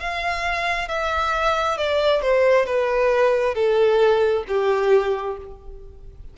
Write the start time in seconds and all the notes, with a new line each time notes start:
0.00 F5
0.88 E5
1.77 D5
2.22 C5
2.66 B4
3.55 A4
4.48 G4